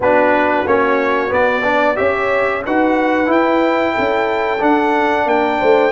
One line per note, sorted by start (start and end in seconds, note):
0.00 0.64 B3
0.00 0.66 D4
0.00 1.65 F#4
0.00 0.67 B4
0.66 1.31 A#3
0.66 1.29 C#4
0.66 1.32 C#5
1.29 1.62 B3
1.29 1.98 B3
1.29 1.96 D5
1.63 1.95 D4
1.63 1.98 D5
1.95 2.65 C#4
1.95 2.61 G4
1.95 2.64 C#5
1.95 2.62 E5
2.66 3.28 D#4
2.66 3.26 F#4
2.66 3.93 B4
2.66 3.31 F#5
3.26 4.58 E4
3.26 3.94 E4
3.26 4.62 G5
3.93 4.61 C#4
3.93 5.25 A4
4.60 5.91 D4
4.60 5.26 D4
4.60 5.28 F#5
5.26 5.59 A#3
5.26 5.59 A#4
5.26 5.91 G5
5.59 5.91 A3
5.59 5.91 C5